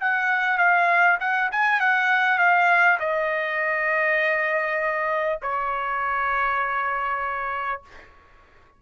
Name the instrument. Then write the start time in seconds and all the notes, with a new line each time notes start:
trumpet
0.00 F#5
0.57 F5
1.20 F#5
1.51 G#5
1.79 F#5
2.38 F5
2.99 D#5
5.42 C#5